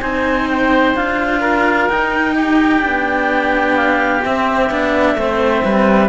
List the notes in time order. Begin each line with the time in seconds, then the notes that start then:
0.00 C4 D#4 C5 G#5
0.50 G5
0.95 D4 F4 F5
1.40 A#4
1.89 D#4 G5
2.34 G4
2.79 D4
2.85 B3
3.76 F5
4.24 C4 E5
4.70 B3 D4
5.15 A3 C4 C5
5.64 G3 B4